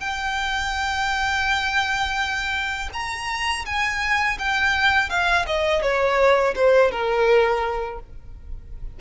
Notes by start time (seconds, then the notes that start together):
0.00 G5
2.93 A#5
3.66 G#5
4.38 G5
5.09 F5
5.46 D#5
5.82 C#5
6.55 C5
6.91 A#4